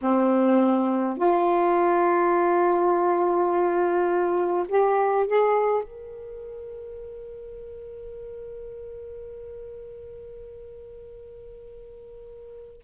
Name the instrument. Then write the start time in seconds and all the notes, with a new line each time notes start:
saxophone
0.01 C4
1.17 F4
4.68 G4
5.26 G#4
5.83 A#4